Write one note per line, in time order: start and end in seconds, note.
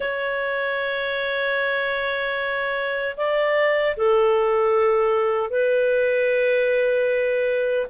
0.00 3.15 C#5
3.17 3.95 D5
3.96 5.50 A4
5.50 7.87 B4